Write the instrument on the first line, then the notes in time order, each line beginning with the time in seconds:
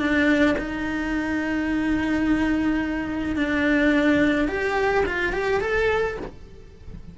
cello
0.00 D4
0.59 D#4
3.36 D4
4.49 G4
5.06 F4
5.33 G4
5.62 A4